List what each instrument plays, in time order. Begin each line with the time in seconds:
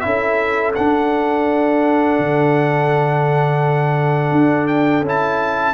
0.00 tuba C#4, trombone E4, horn A4, trumpet E5
0.76 trombone D4, tuba D4, trumpet F#5
2.19 tuba D3
4.32 tuba D4
4.68 trumpet G5
5.02 tuba C#4, trombone E4
5.09 trumpet A5